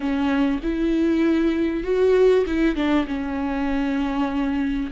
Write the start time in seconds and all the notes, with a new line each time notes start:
0.00 C#4
0.62 E4
1.83 F#4
2.46 E4
2.75 D4
3.07 C#4